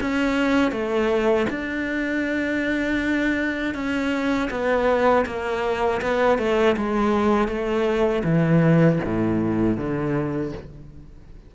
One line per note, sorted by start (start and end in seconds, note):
0.00 0.71 C#4
0.71 1.46 A3
1.49 3.74 D4
3.74 4.49 C#4
4.50 5.25 B3
5.26 6.01 A#3
6.01 6.38 B3
6.38 6.75 A3
6.76 7.48 G#3
7.48 8.23 A3
8.24 8.99 E3
9.04 9.77 A2
9.77 10.52 D3